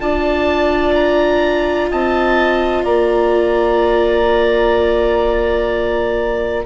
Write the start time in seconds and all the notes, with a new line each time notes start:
0.00 D4 F4 D5 A5
0.95 A#5
1.90 C4 D#5 A5
2.84 A#3 D5 A#5